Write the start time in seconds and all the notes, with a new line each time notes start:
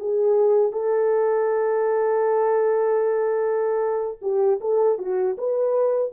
0.00 G#4
0.72 A4
4.21 G4
4.61 A4
4.98 F#4
5.38 B4